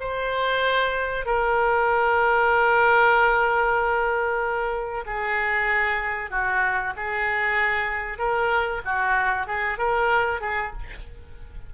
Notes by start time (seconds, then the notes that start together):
0.00 C5
1.25 A#4
5.06 G#4
6.30 F#4
6.96 G#4
8.18 A#4
8.84 F#4
9.47 G#4
9.78 A#4
10.41 G#4